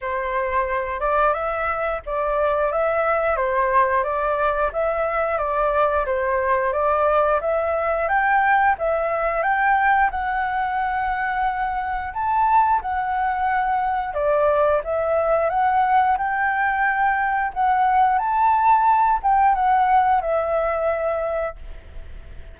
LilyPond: \new Staff \with { instrumentName = "flute" } { \time 4/4 \tempo 4 = 89 c''4. d''8 e''4 d''4 | e''4 c''4 d''4 e''4 | d''4 c''4 d''4 e''4 | g''4 e''4 g''4 fis''4~ |
fis''2 a''4 fis''4~ | fis''4 d''4 e''4 fis''4 | g''2 fis''4 a''4~ | a''8 g''8 fis''4 e''2 | }